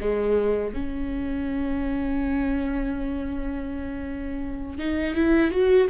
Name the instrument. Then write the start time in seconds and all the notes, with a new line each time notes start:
viola
0.00 G#3
0.74 C#4
4.79 D#4
5.14 E4
5.51 F#4